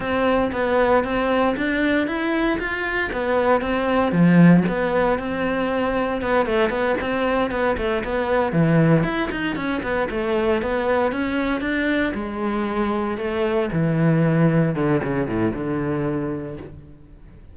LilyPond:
\new Staff \with { instrumentName = "cello" } { \time 4/4 \tempo 4 = 116 c'4 b4 c'4 d'4 | e'4 f'4 b4 c'4 | f4 b4 c'2 | b8 a8 b8 c'4 b8 a8 b8~ |
b8 e4 e'8 dis'8 cis'8 b8 a8~ | a8 b4 cis'4 d'4 gis8~ | gis4. a4 e4.~ | e8 d8 cis8 a,8 d2 | }